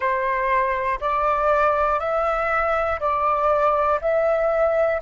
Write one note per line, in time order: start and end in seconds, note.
0.00 0.99 C5
1.00 2.00 D5
2.00 3.00 E5
3.00 4.00 D5
4.01 5.01 E5